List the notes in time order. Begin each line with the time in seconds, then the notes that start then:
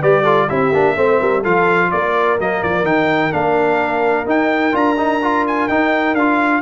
0.00 G3 G4 B4 D5
0.23 F4 A4
0.48 C4 E4 G4 E5
0.72 A#3 D4
0.96 A3 C4 C5
1.20 G3 A#4
1.41 F3 F4 A4 F5
1.91 A#3 A#4 D5
2.38 F#3 A#3 D#5
2.62 F3 D5
2.82 D#3 D#4 G5
3.31 A#3 D4 F5
4.25 D#4 G5
4.72 D4 F4 A#5
4.97 D#4
5.22 F4
5.47 G#5
5.68 D#4 G5
6.14 D4 F4 F5